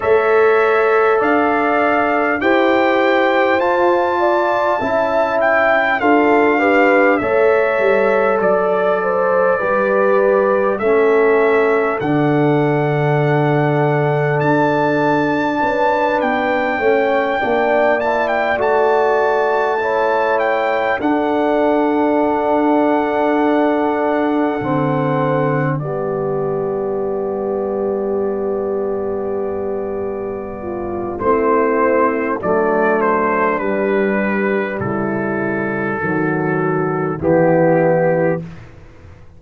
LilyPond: <<
  \new Staff \with { instrumentName = "trumpet" } { \time 4/4 \tempo 4 = 50 e''4 f''4 g''4 a''4~ | a''8 g''8 f''4 e''4 d''4~ | d''4 e''4 fis''2 | a''4. g''4. a''16 g''16 a''8~ |
a''4 g''8 fis''2~ fis''8~ | fis''4. d''2~ d''8~ | d''2 c''4 d''8 c''8 | b'4 a'2 g'4 | }
  \new Staff \with { instrumentName = "horn" } { \time 4/4 cis''4 d''4 c''4. d''8 | e''4 a'8 b'8 cis''4 d''8 c''8 | b'4 a'2.~ | a'4 b'4 cis''8 d''4.~ |
d''8 cis''4 a'2~ a'8~ | a'4. g'2~ g'8~ | g'4. f'8 e'4 d'4~ | d'4 e'4 fis'4 e'4 | }
  \new Staff \with { instrumentName = "trombone" } { \time 4/4 a'2 g'4 f'4 | e'4 f'8 g'8 a'2 | g'4 cis'4 d'2~ | d'2 cis'8 d'8 e'8 fis'8~ |
fis'8 e'4 d'2~ d'8~ | d'8 c'4 b2~ b8~ | b2 c'4 a4 | g2 fis4 b4 | }
  \new Staff \with { instrumentName = "tuba" } { \time 4/4 a4 d'4 e'4 f'4 | cis'4 d'4 a8 g8 fis4 | g4 a4 d2 | d'4 cis'8 b8 a8 ais4 a8~ |
a4. d'2~ d'8~ | d'8 d4 g2~ g8~ | g2 a4 fis4 | g4 cis4 dis4 e4 | }
>>